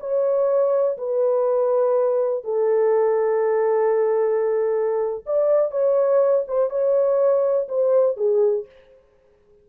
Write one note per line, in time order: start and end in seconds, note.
0.00 0.98 C#5
0.98 2.44 B4
2.44 5.25 A4
5.26 5.72 D5
5.72 6.45 C#5
6.48 6.70 C5
6.70 7.68 C#5
7.69 8.17 C5
8.17 8.66 G#4